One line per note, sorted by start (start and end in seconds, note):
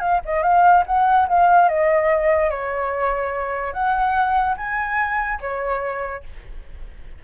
0.00 0.21 F5
0.25 0.43 D#5
0.43 0.84 F5
0.87 1.28 F#5
1.28 1.69 F5
1.69 2.51 D#5
2.51 3.73 C#5
3.73 4.56 F#5
4.57 5.40 G#5
5.41 6.24 C#5